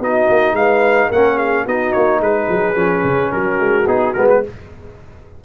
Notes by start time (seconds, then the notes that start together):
0.00 B3 D#4 F#4 D#5
0.29 A#3
0.53 G#3 B4 F5
1.08 A#3 C#4 A#4 F#5
1.36 G#4 F5
1.65 B3 D#4 F#4 D#5
1.92 A#3 C#5
2.21 G#3 G#4 B4
2.49 F#3
2.75 F3 C#4
3.04 C#3
3.32 F#3 F#4 A#4
3.60 G#3
3.87 B3 D#4 G#4
4.13 G#3 B3 A#4
4.29 B4